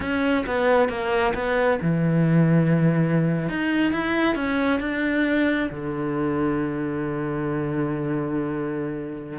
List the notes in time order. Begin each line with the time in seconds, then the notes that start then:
0.00 C#4
0.46 B3
0.88 A#3
1.34 B3
1.81 E3
3.48 D#4
3.92 E4
4.35 C#4
4.80 D4
5.70 D3